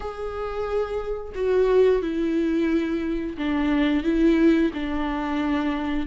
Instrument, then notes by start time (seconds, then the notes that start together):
viola
0.00 G#4
1.35 F#4
2.02 E4
3.37 D4
4.03 E4
4.73 D4